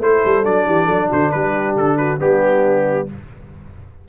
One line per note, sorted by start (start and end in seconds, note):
0.00 0.22 A3
0.00 0.44 E4
0.00 0.67 A4
0.00 0.45 C5
0.25 0.46 G3
0.44 0.67 F#3
0.44 2.19 D4
0.44 1.11 D5
0.67 0.88 E3
0.67 0.85 G4
0.85 1.10 F#3
0.85 1.07 A4
1.10 1.34 D3
1.10 1.31 F#4
1.10 1.31 C5
1.31 1.76 G3
1.31 1.98 G4
1.31 1.75 B4
1.76 2.20 D3
1.76 1.98 A4
1.98 2.19 F#4
1.98 2.20 B4
2.19 3.08 G3
2.19 3.07 B3
2.19 3.07 D4
2.19 3.08 G4